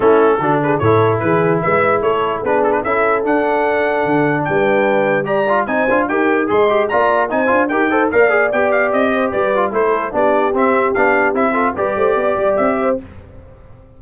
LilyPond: <<
  \new Staff \with { instrumentName = "trumpet" } { \time 4/4 \tempo 4 = 148 a'4. b'8 cis''4 b'4 | e''4 cis''4 b'8 a'16 b'16 e''4 | fis''2. g''4~ | g''4 ais''4 gis''4 g''4 |
c'''4 ais''4 gis''4 g''4 | f''4 g''8 f''8 dis''4 d''4 | c''4 d''4 e''4 f''4 | e''4 d''2 e''4 | }
  \new Staff \with { instrumentName = "horn" } { \time 4/4 e'4 fis'8 gis'8 a'4 gis'4 | b'4 a'4 gis'4 a'4~ | a'2. b'4~ | b'4 d''4 c''4 ais'4 |
dis''4 d''4 c''4 ais'8 c''8 | d''2~ d''8 c''8 b'4 | a'4 g'2.~ | g'8 a'8 b'8 c''8 d''4. c''8 | }
  \new Staff \with { instrumentName = "trombone" } { \time 4/4 cis'4 d'4 e'2~ | e'2 d'4 e'4 | d'1~ | d'4 g'8 f'8 dis'8 f'8 g'4 |
gis'8 g'8 f'4 dis'8 f'8 g'8 a'8 | ais'8 gis'8 g'2~ g'8 f'8 | e'4 d'4 c'4 d'4 | e'8 f'8 g'2. | }
  \new Staff \with { instrumentName = "tuba" } { \time 4/4 a4 d4 a,4 e4 | gis4 a4 b4 cis'4 | d'2 d4 g4~ | g2 c'8 d'8 dis'4 |
gis4 ais4 c'8 d'8 dis'4 | ais4 b4 c'4 g4 | a4 b4 c'4 b4 | c'4 g8 a8 b8 g8 c'4 | }
>>